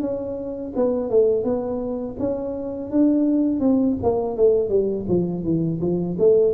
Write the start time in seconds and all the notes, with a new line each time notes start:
0.00 C#4
0.76 B3
1.10 A3
1.44 B3
2.19 C#4
2.91 D4
3.60 C4
4.03 A#3
4.36 A3
4.69 G3
5.08 F3
5.43 E3
5.81 F3
6.18 A3